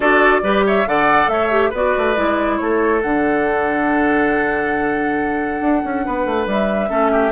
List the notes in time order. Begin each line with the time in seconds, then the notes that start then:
0.00 D4 F#4 A4 D5
0.43 G3 G4 B4
0.66 C#5 E5
0.86 D3 A4 D5 F#5
1.27 A3 C#5 E5
1.50 G4
1.69 B3 F#4 B4 D5
1.97 A3
2.15 G#3 E4
2.57 A3 A4 C#5
3.01 D3 D4 F#5
5.60 D4
5.84 C#4
6.05 B3 B4
6.25 A3
6.46 G3 E5
6.89 A3 C#4 A4
7.12 G4